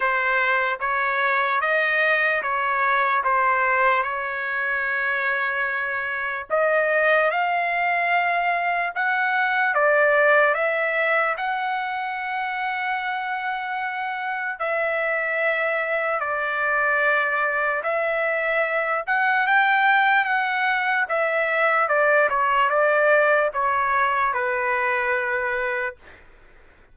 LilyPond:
\new Staff \with { instrumentName = "trumpet" } { \time 4/4 \tempo 4 = 74 c''4 cis''4 dis''4 cis''4 | c''4 cis''2. | dis''4 f''2 fis''4 | d''4 e''4 fis''2~ |
fis''2 e''2 | d''2 e''4. fis''8 | g''4 fis''4 e''4 d''8 cis''8 | d''4 cis''4 b'2 | }